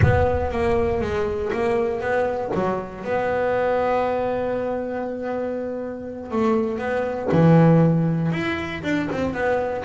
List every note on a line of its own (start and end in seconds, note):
0.01 0.51 B3
0.51 1.01 A#3
1.01 1.51 G#3
1.52 2.00 A#3
2.00 2.51 B3
2.54 3.04 F#3
3.04 6.31 B3
6.31 6.78 A3
6.78 7.28 B3
7.32 8.32 E3
8.32 8.82 E4
8.83 9.08 D4
9.11 9.33 C4
9.33 9.83 B3